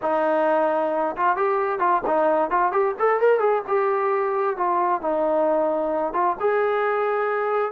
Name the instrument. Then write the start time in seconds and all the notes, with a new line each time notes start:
trombone
0.02 D#4
1.16 F4
1.36 G4
1.79 F4
2.06 D#4
2.50 F4
2.72 G4
2.99 A4
3.20 A#4
3.39 G#4
3.67 G4
4.56 F4
5.01 D#4
6.13 F4
6.40 G#4